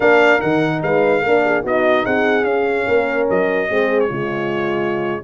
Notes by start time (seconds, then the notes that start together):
0.00 A#3 D4 A#4 F5
0.39 D#3 D#4 F#5
0.82 G#3 B4 F5
1.22 A#3 D4 A#4
1.44 G#4
1.63 B3 D#4 F#4 D#5
2.04 C4 G#4 F#5
2.43 C#4 F5
2.87 A#3 A#4
3.29 F#3 D#5
3.68 G#3 C4 G#4
4.00 C#5
4.08 C#3 G#3 F4